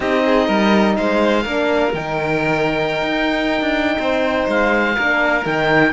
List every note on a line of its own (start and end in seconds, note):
0.00 0.48 C4
0.00 1.44 D#4
0.00 0.22 G4
0.00 0.96 D#5
0.25 0.46 G#4
0.46 0.96 G3
0.46 0.94 A#4
0.96 1.45 G#3
0.96 1.43 C5
0.96 1.93 F5
1.43 1.93 A#3
1.43 1.93 D4
1.43 3.97 A#4
1.93 3.02 D#3
1.93 4.97 D#4
1.93 4.48 G5
3.02 3.61 D#4
3.61 3.97 D4
3.98 4.47 C4
3.98 4.95 C5
4.48 4.96 G#3
4.48 5.46 F5
4.95 5.45 A#3
4.95 5.43 D4
4.95 5.92 A#4
5.43 5.92 D#3
5.43 5.91 D#4
5.43 5.92 G5